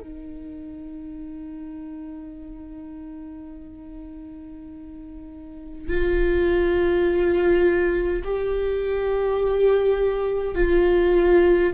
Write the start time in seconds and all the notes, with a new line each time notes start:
0.00 D#4
5.88 F4
8.25 G4
10.55 F4